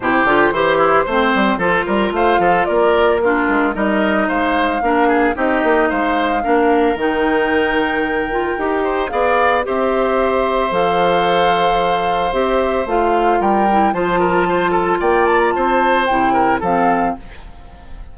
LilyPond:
<<
  \new Staff \with { instrumentName = "flute" } { \time 4/4 \tempo 4 = 112 c''1 | f''4 d''4 ais'4 dis''4 | f''2 dis''4 f''4~ | f''4 g''2.~ |
g''4 f''4 e''2 | f''2. e''4 | f''4 g''4 a''2 | g''8 a''16 ais''16 a''4 g''4 f''4 | }
  \new Staff \with { instrumentName = "oboe" } { \time 4/4 g'4 c''8 e'8 c''4 a'8 ais'8 | c''8 a'8 ais'4 f'4 ais'4 | c''4 ais'8 gis'8 g'4 c''4 | ais'1~ |
ais'8 c''8 d''4 c''2~ | c''1~ | c''4 ais'4 c''8 ais'8 c''8 a'8 | d''4 c''4. ais'8 a'4 | }
  \new Staff \with { instrumentName = "clarinet" } { \time 4/4 e'8 f'8 g'4 c'4 f'4~ | f'2 d'4 dis'4~ | dis'4 d'4 dis'2 | d'4 dis'2~ dis'8 f'8 |
g'4 gis'4 g'2 | a'2. g'4 | f'4. e'8 f'2~ | f'2 e'4 c'4 | }
  \new Staff \with { instrumentName = "bassoon" } { \time 4/4 c8 d8 e4 a8 g8 f8 g8 | a8 f8 ais4. gis8 g4 | gis4 ais4 c'8 ais8 gis4 | ais4 dis2. |
dis'4 b4 c'2 | f2. c'4 | a4 g4 f2 | ais4 c'4 c4 f4 | }
>>